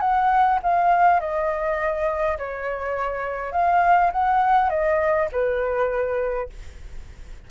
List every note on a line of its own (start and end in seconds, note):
0.00 0.59 F#5
0.63 1.20 F5
1.20 2.37 D#5
2.37 3.52 C#5
3.52 4.11 F5
4.11 4.69 F#5
4.69 5.28 D#5
5.32 6.49 B4